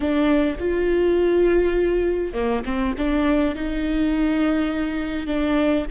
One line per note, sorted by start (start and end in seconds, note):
0.00 0.56 D4
0.59 2.33 F4
2.33 2.63 A#3
2.65 2.94 C4
2.97 3.55 D4
3.55 5.26 D#4
5.26 5.85 D4